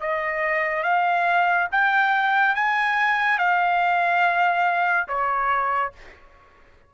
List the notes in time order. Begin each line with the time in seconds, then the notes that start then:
0.00 D#5
0.83 F5
1.71 G5
2.55 G#5
3.38 F5
5.08 C#5